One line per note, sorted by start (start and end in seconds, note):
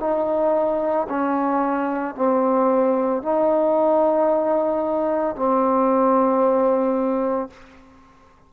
0.00 1.07 D#4
1.09 2.15 C#4
2.15 3.22 C4
3.22 5.36 D#4
5.36 7.50 C4